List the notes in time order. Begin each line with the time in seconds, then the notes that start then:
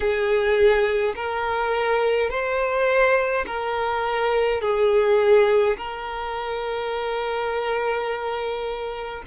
0.00 G#4
1.15 A#4
2.30 C5
3.46 A#4
4.61 G#4
5.77 A#4